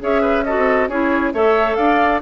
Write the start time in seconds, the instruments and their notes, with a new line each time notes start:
0.00 bassoon C#4, clarinet G#4, oboe C#5, flute E5
0.22 oboe B4
0.45 clarinet F#4, oboe A4, flute D#5
0.57 bassoon C4
0.89 bassoon C#4, clarinet E4, oboe G#4, flute C#5
1.34 bassoon A3, clarinet A4, oboe C#5, flute E5
1.76 bassoon D4, oboe D5, flute F5